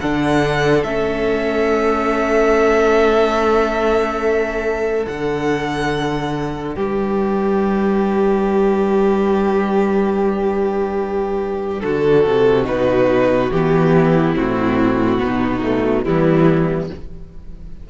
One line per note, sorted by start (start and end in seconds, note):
0.00 0.83 D3
0.00 0.85 D4
0.00 6.75 A4
0.00 0.83 F#5
0.83 5.06 A3
0.83 5.06 C#4
0.83 5.06 E5
5.06 6.76 D3
5.06 12.63 D4
5.06 6.74 F#5
6.74 11.83 G3
6.74 11.82 G4
6.74 11.80 B4
11.80 12.26 D3
11.80 13.94 F#4
11.80 12.64 A4
12.26 12.67 C3
12.63 13.51 B2
12.63 13.48 D#4
12.63 13.50 B4
13.50 14.35 E3
13.50 14.36 B3
13.50 14.35 G4
13.94 15.21 E4
14.35 15.21 A2
14.35 15.17 C4
14.35 16.03 F#4
15.17 16.05 B2
15.17 15.60 B3
15.17 16.05 D#4
15.63 16.04 A3
16.03 16.90 E3
16.03 16.89 G3
16.03 16.90 B3
16.03 16.87 E4